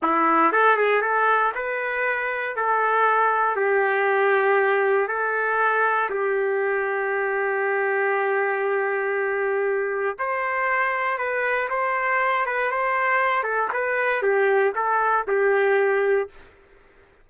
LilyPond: \new Staff \with { instrumentName = "trumpet" } { \time 4/4 \tempo 4 = 118 e'4 a'8 gis'8 a'4 b'4~ | b'4 a'2 g'4~ | g'2 a'2 | g'1~ |
g'1 | c''2 b'4 c''4~ | c''8 b'8 c''4. a'8 b'4 | g'4 a'4 g'2 | }